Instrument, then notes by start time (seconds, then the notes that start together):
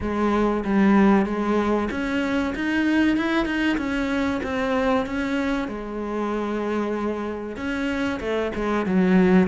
cello
0.00 G#3
0.65 G3
1.25 G#3
1.90 C#4
2.55 D#4
3.17 E4
3.45 D#4
3.77 C#4
4.43 C4
5.06 C#4
5.68 G#3
7.56 C#4
8.20 A3
8.55 G#3
8.86 F#3